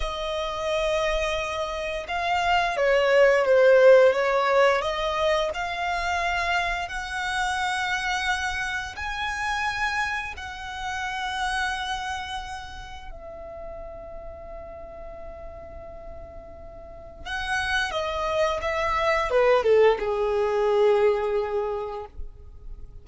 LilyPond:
\new Staff \with { instrumentName = "violin" } { \time 4/4 \tempo 4 = 87 dis''2. f''4 | cis''4 c''4 cis''4 dis''4 | f''2 fis''2~ | fis''4 gis''2 fis''4~ |
fis''2. e''4~ | e''1~ | e''4 fis''4 dis''4 e''4 | b'8 a'8 gis'2. | }